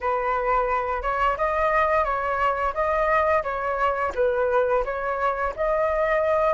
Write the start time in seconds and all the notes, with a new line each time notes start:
0.01 B4
1.02 C#5
1.37 D#5
2.04 C#5
2.74 D#5
3.43 C#5
4.14 B4
4.84 C#5
5.56 D#5